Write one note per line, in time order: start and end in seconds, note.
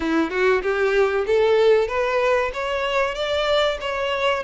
0.00 0.30 E4
0.30 0.61 F#4
0.62 1.25 G4
1.26 1.88 A4
1.88 2.51 B4
2.53 3.14 C#5
3.14 3.78 D5
3.80 4.43 C#5